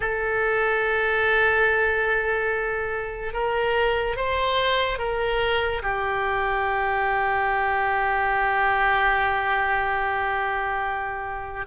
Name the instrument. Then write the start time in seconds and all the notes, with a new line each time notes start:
oboe
0.00 A4
3.33 A#4
4.16 C5
4.98 A#4
5.82 G4